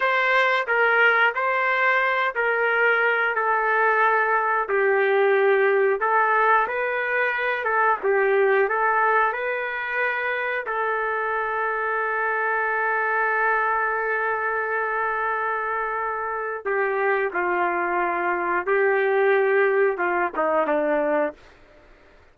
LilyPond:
\new Staff \with { instrumentName = "trumpet" } { \time 4/4 \tempo 4 = 90 c''4 ais'4 c''4. ais'8~ | ais'4 a'2 g'4~ | g'4 a'4 b'4. a'8 | g'4 a'4 b'2 |
a'1~ | a'1~ | a'4 g'4 f'2 | g'2 f'8 dis'8 d'4 | }